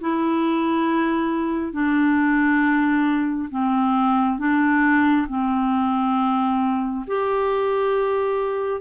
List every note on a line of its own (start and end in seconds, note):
0.00 1.72 E4
1.72 3.49 D4
3.50 4.38 C4
4.38 5.27 D4
5.28 7.05 C4
7.07 8.81 G4